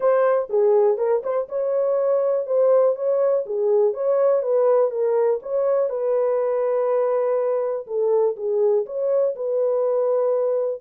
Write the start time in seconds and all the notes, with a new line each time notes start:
0.00 C5
0.49 G#4
0.97 A#4
1.23 C5
1.48 C#5
2.46 C5
2.95 C#5
3.46 G#4
3.93 C#5
4.42 B4
4.90 A#4
5.42 C#5
5.89 B4
7.86 A4
8.36 G#4
8.85 C#5
9.35 B4